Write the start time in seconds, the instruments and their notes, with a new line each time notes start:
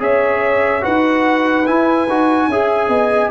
0.00 tuba C#4, trombone G#4, horn C#5, trumpet E5
0.81 tuba D#4, trombone F#4, horn B4, trumpet F#5
1.67 trombone E4, tuba E4, trumpet G#5
2.08 tuba D#4, trombone F#4
2.48 tuba C#4, trombone G#4, horn E5
2.89 tuba B3, horn D#5